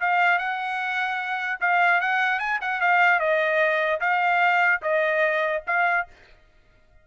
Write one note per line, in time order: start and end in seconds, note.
0.00 0.38 F5
0.38 1.59 F#5
1.60 2.01 F5
2.01 2.39 F#5
2.39 2.59 G#5
2.61 2.81 F#5
2.81 3.19 F5
3.19 4.00 D#5
4.00 4.81 F5
4.82 5.63 D#5
5.67 6.07 F5